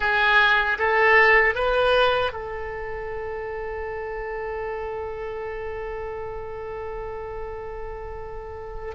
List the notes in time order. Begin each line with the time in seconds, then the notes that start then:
0.00 G#4
0.78 A4
1.54 B4
2.32 A4